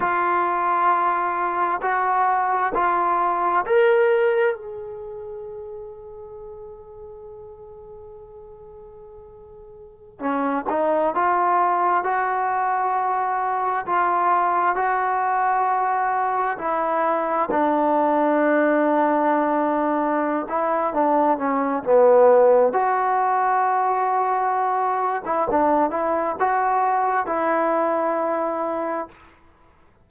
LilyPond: \new Staff \with { instrumentName = "trombone" } { \time 4/4 \tempo 4 = 66 f'2 fis'4 f'4 | ais'4 gis'2.~ | gis'2.~ gis'16 cis'8 dis'16~ | dis'16 f'4 fis'2 f'8.~ |
f'16 fis'2 e'4 d'8.~ | d'2~ d'8 e'8 d'8 cis'8 | b4 fis'2~ fis'8. e'16 | d'8 e'8 fis'4 e'2 | }